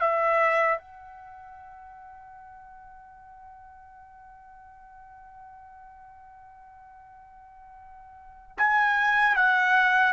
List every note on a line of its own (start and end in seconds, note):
0.00 0.78 E5
0.78 8.57 F#5
8.57 9.35 G#5
9.35 10.13 F#5